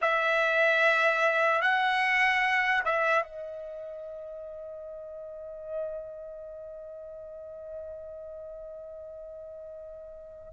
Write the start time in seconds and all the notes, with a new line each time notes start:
0.01 E5
1.61 F#5
2.85 E5
3.22 D#5